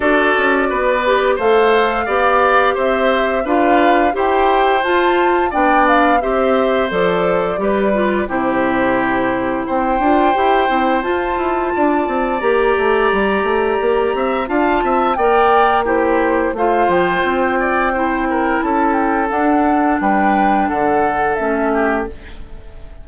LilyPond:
<<
  \new Staff \with { instrumentName = "flute" } { \time 4/4 \tempo 4 = 87 d''2 f''2 | e''4 f''4 g''4 a''4 | g''8 f''8 e''4 d''2 | c''2 g''2 |
a''2 ais''2~ | ais''4 a''4 g''4 c''4 | f''8 g''2~ g''8 a''8 g''8 | fis''4 g''4 fis''4 e''4 | }
  \new Staff \with { instrumentName = "oboe" } { \time 4/4 a'4 b'4 c''4 d''4 | c''4 b'4 c''2 | d''4 c''2 b'4 | g'2 c''2~ |
c''4 d''2.~ | d''8 e''8 f''8 e''8 d''4 g'4 | c''4. d''8 c''8 ais'8 a'4~ | a'4 b'4 a'4. g'8 | }
  \new Staff \with { instrumentName = "clarinet" } { \time 4/4 fis'4. g'8 a'4 g'4~ | g'4 f'4 g'4 f'4 | d'4 g'4 a'4 g'8 f'8 | e'2~ e'8 f'8 g'8 e'8 |
f'2 g'2~ | g'4 f'4 ais'4 e'4 | f'2 e'2 | d'2. cis'4 | }
  \new Staff \with { instrumentName = "bassoon" } { \time 4/4 d'8 cis'8 b4 a4 b4 | c'4 d'4 e'4 f'4 | b4 c'4 f4 g4 | c2 c'8 d'8 e'8 c'8 |
f'8 e'8 d'8 c'8 ais8 a8 g8 a8 | ais8 c'8 d'8 c'8 ais2 | a8 f8 c'2 cis'4 | d'4 g4 d4 a4 | }
>>